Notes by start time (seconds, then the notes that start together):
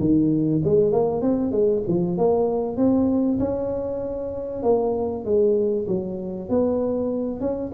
0.00 D#3
0.64 G#3
0.92 A#3
1.22 C4
1.52 G#3
1.88 F3
2.18 A#3
2.77 C4
3.39 C#4
4.63 A#3
5.25 G#3
5.88 F#3
6.49 B3
7.41 C#4